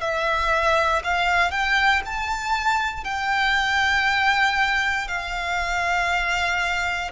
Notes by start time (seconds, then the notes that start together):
0.00 E5
1.04 F5
1.51 G5
2.05 A5
3.04 G5
5.08 F5